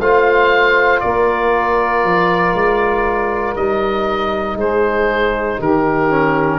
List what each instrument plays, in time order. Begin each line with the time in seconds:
0.00 tuba A3, trombone F4, saxophone C5, oboe F5
1.00 tuba A#3, saxophone A#4, oboe D5
2.04 tuba F3
2.53 tuba G#3
3.56 tuba G3, trombone D#4, oboe D#5
4.55 tuba G#3, saxophone G#4, oboe C5
5.57 tuba D#3, saxophone G4, oboe A#4
6.10 trombone C#4